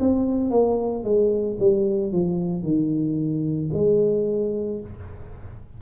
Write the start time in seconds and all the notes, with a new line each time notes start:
0.00 C4
0.50 A#3
1.04 G#3
1.60 G3
2.12 F3
2.63 D#3
3.74 G#3